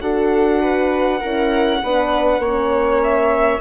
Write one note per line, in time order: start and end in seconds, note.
0.00 1.20 D4
0.00 1.21 F#4
0.00 0.61 A4
0.00 3.00 F#5
0.61 1.20 B4
1.20 1.83 C#4
1.20 1.81 E4
1.20 1.80 A#4
1.83 2.39 B3
1.83 2.42 D4
1.83 2.41 B4
2.39 3.58 A#3
2.39 3.61 C#4
2.39 3.61 C#5
3.03 3.61 E5